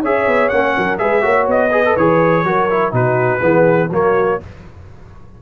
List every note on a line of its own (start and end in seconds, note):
0.00 0.27 C#4
0.00 0.52 G#4
0.00 0.73 C#5
0.00 0.49 E5
0.27 0.51 B3
0.49 0.75 A#3
0.49 0.98 C#4
0.49 0.97 F#5
0.77 1.00 F#3
0.77 1.01 A#4
0.98 1.23 G#3
0.98 1.21 G#4
0.98 1.22 B4
0.98 1.46 E5
1.21 1.47 A#3
1.21 1.70 F#4
1.21 1.70 C#5
1.47 1.95 B3
1.47 1.96 D#5
1.71 1.83 G#4
1.71 2.44 B4
1.85 1.97 A4
1.96 2.44 E3
1.96 2.45 G#4
1.96 2.93 C#5
2.44 2.92 F#3
2.44 2.69 F#4
2.44 2.93 A#4
2.70 2.91 E4
2.91 3.41 B2
2.91 3.40 D#4
2.91 3.41 F#4
2.91 3.91 B4
3.41 3.89 E3
3.41 3.89 B3
3.41 3.89 G#4
3.89 4.38 F#3
3.89 4.40 A#3
3.89 4.40 F#4
3.89 4.42 C#5